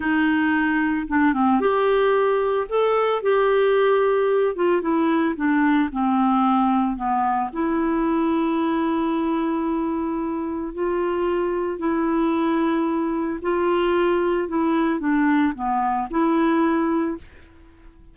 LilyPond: \new Staff \with { instrumentName = "clarinet" } { \time 4/4 \tempo 4 = 112 dis'2 d'8 c'8 g'4~ | g'4 a'4 g'2~ | g'8 f'8 e'4 d'4 c'4~ | c'4 b4 e'2~ |
e'1 | f'2 e'2~ | e'4 f'2 e'4 | d'4 b4 e'2 | }